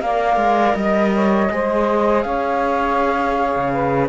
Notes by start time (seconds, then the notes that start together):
0.00 A#3 A#4 D5 F5
0.36 G#3
0.74 G3 D#5
1.14 C#5
1.51 G#3 G#4 C5
2.21 C#4 C#5 F5
3.56 C#3
3.72 B4